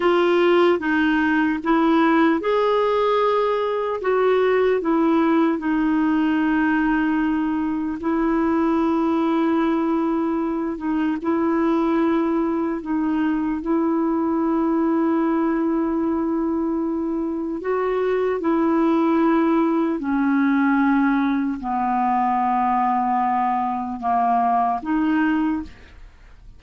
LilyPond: \new Staff \with { instrumentName = "clarinet" } { \time 4/4 \tempo 4 = 75 f'4 dis'4 e'4 gis'4~ | gis'4 fis'4 e'4 dis'4~ | dis'2 e'2~ | e'4. dis'8 e'2 |
dis'4 e'2.~ | e'2 fis'4 e'4~ | e'4 cis'2 b4~ | b2 ais4 dis'4 | }